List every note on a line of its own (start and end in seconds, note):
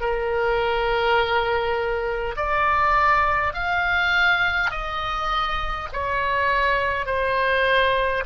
0.00 2.35 A#4
2.36 3.53 D5
3.53 4.71 F5
4.71 5.88 D#5
5.93 7.06 C#5
7.06 8.24 C5